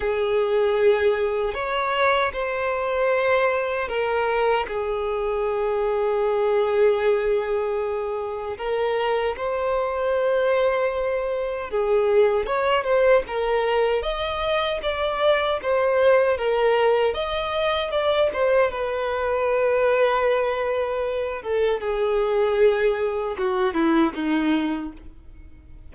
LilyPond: \new Staff \with { instrumentName = "violin" } { \time 4/4 \tempo 4 = 77 gis'2 cis''4 c''4~ | c''4 ais'4 gis'2~ | gis'2. ais'4 | c''2. gis'4 |
cis''8 c''8 ais'4 dis''4 d''4 | c''4 ais'4 dis''4 d''8 c''8 | b'2.~ b'8 a'8 | gis'2 fis'8 e'8 dis'4 | }